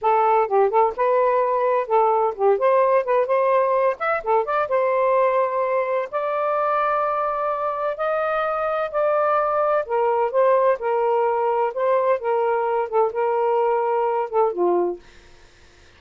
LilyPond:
\new Staff \with { instrumentName = "saxophone" } { \time 4/4 \tempo 4 = 128 a'4 g'8 a'8 b'2 | a'4 g'8 c''4 b'8 c''4~ | c''8 e''8 a'8 d''8 c''2~ | c''4 d''2.~ |
d''4 dis''2 d''4~ | d''4 ais'4 c''4 ais'4~ | ais'4 c''4 ais'4. a'8 | ais'2~ ais'8 a'8 f'4 | }